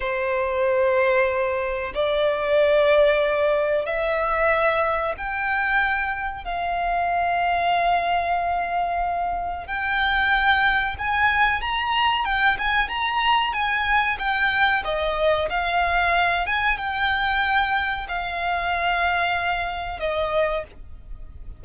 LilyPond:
\new Staff \with { instrumentName = "violin" } { \time 4/4 \tempo 4 = 93 c''2. d''4~ | d''2 e''2 | g''2 f''2~ | f''2. g''4~ |
g''4 gis''4 ais''4 g''8 gis''8 | ais''4 gis''4 g''4 dis''4 | f''4. gis''8 g''2 | f''2. dis''4 | }